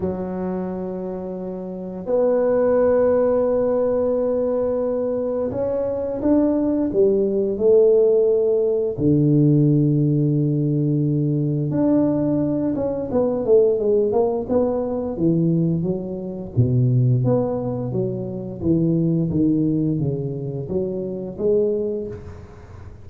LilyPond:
\new Staff \with { instrumentName = "tuba" } { \time 4/4 \tempo 4 = 87 fis2. b4~ | b1 | cis'4 d'4 g4 a4~ | a4 d2.~ |
d4 d'4. cis'8 b8 a8 | gis8 ais8 b4 e4 fis4 | b,4 b4 fis4 e4 | dis4 cis4 fis4 gis4 | }